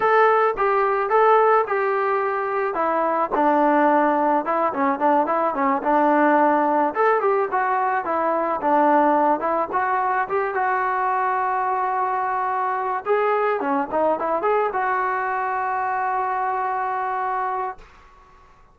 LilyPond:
\new Staff \with { instrumentName = "trombone" } { \time 4/4 \tempo 4 = 108 a'4 g'4 a'4 g'4~ | g'4 e'4 d'2 | e'8 cis'8 d'8 e'8 cis'8 d'4.~ | d'8 a'8 g'8 fis'4 e'4 d'8~ |
d'4 e'8 fis'4 g'8 fis'4~ | fis'2.~ fis'8 gis'8~ | gis'8 cis'8 dis'8 e'8 gis'8 fis'4.~ | fis'1 | }